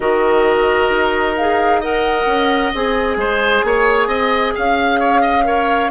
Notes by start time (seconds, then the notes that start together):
0.00 D#3 F#4 A#4 D#5
0.89 D#4
1.36 G#4 F5
1.80 A#4 D#5 F#5
2.26 C#4
2.74 C4 G#4 G#5
3.16 G#3 C5
3.64 A#3 C#5
4.07 C4 D#5
4.54 C#4 F5
4.99 C#5
5.21 D#5
5.44 A#4 C#5